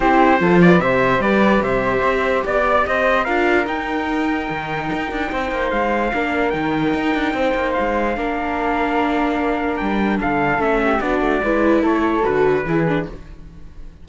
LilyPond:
<<
  \new Staff \with { instrumentName = "trumpet" } { \time 4/4 \tempo 4 = 147 c''4. d''8 e''4 d''4 | e''2 d''4 dis''4 | f''4 g''2.~ | g''2 f''2 |
g''2. f''4~ | f''1 | g''4 f''4 e''4 d''4~ | d''4 cis''4 b'2 | }
  \new Staff \with { instrumentName = "flute" } { \time 4/4 g'4 a'8 b'8 c''4 b'4 | c''2 d''4 c''4 | ais'1~ | ais'4 c''2 ais'4~ |
ais'2 c''2 | ais'1~ | ais'4 a'4. g'8 fis'4 | b'4 a'2 gis'4 | }
  \new Staff \with { instrumentName = "viola" } { \time 4/4 e'4 f'4 g'2~ | g'1 | f'4 dis'2.~ | dis'2. d'4 |
dis'1 | d'1~ | d'2 cis'4 d'4 | e'2 fis'4 e'8 d'8 | }
  \new Staff \with { instrumentName = "cello" } { \time 4/4 c'4 f4 c4 g4 | c4 c'4 b4 c'4 | d'4 dis'2 dis4 | dis'8 d'8 c'8 ais8 gis4 ais4 |
dis4 dis'8 d'8 c'8 ais8 gis4 | ais1 | g4 d4 a4 b8 a8 | gis4 a4 d4 e4 | }
>>